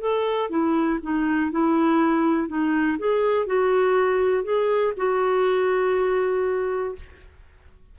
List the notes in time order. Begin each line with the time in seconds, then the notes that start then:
0.00 A4
0.49 E4
1.02 D#4
1.51 E4
2.48 D#4
2.98 G#4
3.46 F#4
4.43 G#4
4.97 F#4